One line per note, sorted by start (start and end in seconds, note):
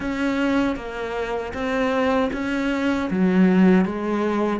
0.00 0.76 C#4
0.76 1.52 A#3
1.53 2.30 C4
2.33 3.09 C#4
3.10 3.85 F#3
3.85 4.59 G#3